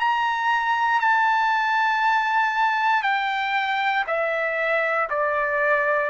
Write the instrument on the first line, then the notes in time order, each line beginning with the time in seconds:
trumpet
0.00 A#5
1.01 A5
3.03 G5
4.07 E5
5.10 D5